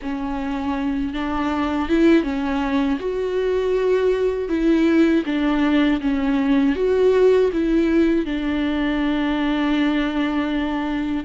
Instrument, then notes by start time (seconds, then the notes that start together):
viola
0.02 C#4
1.13 D4
1.88 E4
2.23 C#4
2.99 F#4
4.48 E4
5.25 D4
6.00 C#4
6.75 F#4
7.52 E4
8.25 D4